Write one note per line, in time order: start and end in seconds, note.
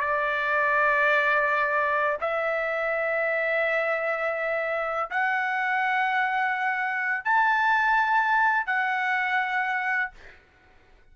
0.00 2.17 D5
2.20 5.10 E5
5.10 7.24 F#5
7.24 8.66 A5
8.66 10.11 F#5